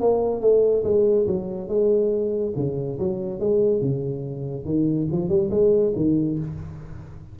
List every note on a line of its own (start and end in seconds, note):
0.00 0.41 A#3
0.41 0.83 A3
0.84 1.26 G#3
1.26 1.68 F#3
1.68 2.53 G#3
2.56 2.98 C#3
2.99 3.39 F#3
3.39 3.80 G#3
3.80 4.65 C#3
4.65 5.07 D#3
5.11 5.28 F3
5.28 5.50 G3
5.50 5.93 G#3
5.96 6.38 D#3